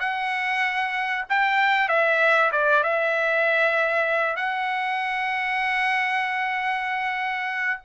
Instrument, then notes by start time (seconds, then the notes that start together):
trumpet
0.00 F#5
1.30 G5
1.89 E5
2.52 D5
2.84 E5
4.37 F#5